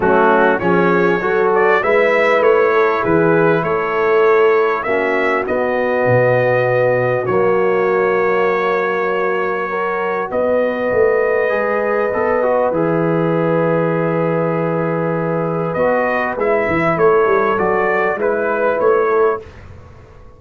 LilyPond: <<
  \new Staff \with { instrumentName = "trumpet" } { \time 4/4 \tempo 4 = 99 fis'4 cis''4. d''8 e''4 | cis''4 b'4 cis''2 | e''4 dis''2. | cis''1~ |
cis''4 dis''2.~ | dis''4 e''2.~ | e''2 dis''4 e''4 | cis''4 d''4 b'4 cis''4 | }
  \new Staff \with { instrumentName = "horn" } { \time 4/4 cis'4 gis'4 a'4 b'4~ | b'8 a'8 gis'4 a'2 | fis'1~ | fis'1 |
ais'4 b'2.~ | b'1~ | b'1 | a'2 b'4. a'8 | }
  \new Staff \with { instrumentName = "trombone" } { \time 4/4 a4 cis'4 fis'4 e'4~ | e'1 | cis'4 b2. | ais1 |
fis'2. gis'4 | a'8 fis'8 gis'2.~ | gis'2 fis'4 e'4~ | e'4 fis'4 e'2 | }
  \new Staff \with { instrumentName = "tuba" } { \time 4/4 fis4 f4 fis4 gis4 | a4 e4 a2 | ais4 b4 b,2 | fis1~ |
fis4 b4 a4 gis4 | b4 e2.~ | e2 b4 gis8 e8 | a8 g8 fis4 gis4 a4 | }
>>